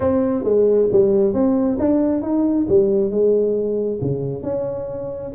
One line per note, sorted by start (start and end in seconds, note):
0.00 0.43 C4
0.43 0.88 G#3
0.92 1.33 G3
1.33 1.78 C4
1.79 2.22 D4
2.22 2.66 D#4
2.68 3.10 G3
3.10 3.99 G#3
4.01 4.43 C#3
4.43 5.32 C#4